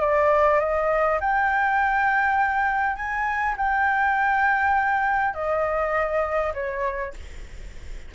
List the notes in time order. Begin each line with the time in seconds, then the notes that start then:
0.00 D5
0.59 D#5
1.20 G5
2.96 G#5
3.57 G5
5.34 D#5
6.54 C#5